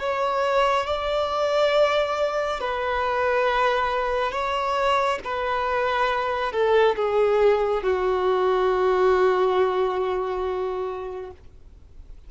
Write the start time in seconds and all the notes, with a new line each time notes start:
0.00 C#5
0.87 D5
2.61 B4
4.32 C#5
5.25 B4
6.53 A4
6.96 G#4
7.83 F#4